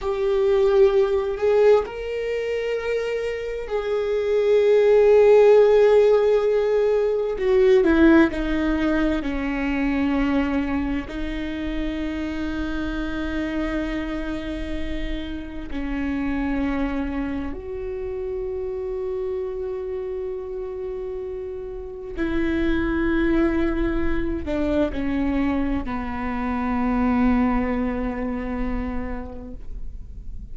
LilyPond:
\new Staff \with { instrumentName = "viola" } { \time 4/4 \tempo 4 = 65 g'4. gis'8 ais'2 | gis'1 | fis'8 e'8 dis'4 cis'2 | dis'1~ |
dis'4 cis'2 fis'4~ | fis'1 | e'2~ e'8 d'8 cis'4 | b1 | }